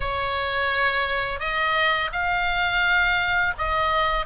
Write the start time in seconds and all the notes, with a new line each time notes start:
0.00 C#5
1.39 D#5
2.12 F5
3.58 D#5